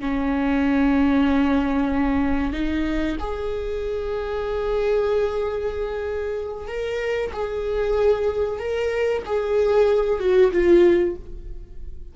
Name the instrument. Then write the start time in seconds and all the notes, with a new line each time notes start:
viola
0.00 C#4
2.53 D#4
3.20 G#4
6.68 A#4
7.33 G#4
8.59 A#4
9.26 G#4
10.20 F#4
10.52 F4